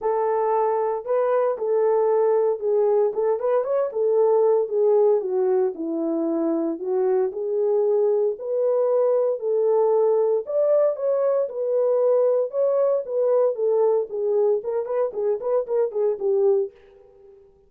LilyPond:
\new Staff \with { instrumentName = "horn" } { \time 4/4 \tempo 4 = 115 a'2 b'4 a'4~ | a'4 gis'4 a'8 b'8 cis''8 a'8~ | a'4 gis'4 fis'4 e'4~ | e'4 fis'4 gis'2 |
b'2 a'2 | d''4 cis''4 b'2 | cis''4 b'4 a'4 gis'4 | ais'8 b'8 gis'8 b'8 ais'8 gis'8 g'4 | }